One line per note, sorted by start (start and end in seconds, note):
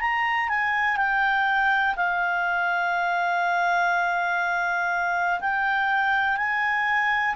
0.00 0.49 A#5
0.49 0.97 G#5
0.97 1.95 G5
1.96 5.40 F5
5.41 6.37 G5
6.37 7.35 G#5